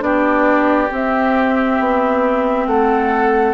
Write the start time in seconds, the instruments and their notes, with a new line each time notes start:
0.00 bassoon B3, clarinet D4, oboe G4, flute D5
0.91 clarinet C4, bassoon C4, flute E5
1.80 bassoon B3
2.67 bassoon A3, oboe A4, flute F#5